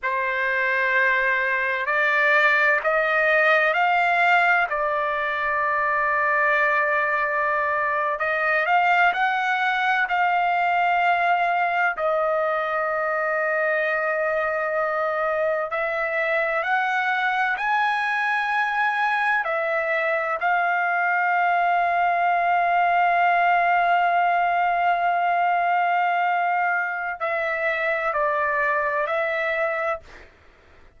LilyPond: \new Staff \with { instrumentName = "trumpet" } { \time 4/4 \tempo 4 = 64 c''2 d''4 dis''4 | f''4 d''2.~ | d''8. dis''8 f''8 fis''4 f''4~ f''16~ | f''8. dis''2.~ dis''16~ |
dis''8. e''4 fis''4 gis''4~ gis''16~ | gis''8. e''4 f''2~ f''16~ | f''1~ | f''4 e''4 d''4 e''4 | }